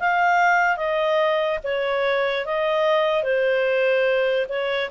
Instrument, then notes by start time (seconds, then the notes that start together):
clarinet
0.00 F5
0.77 D#5
1.64 C#5
2.46 D#5
3.23 C5
4.49 C#5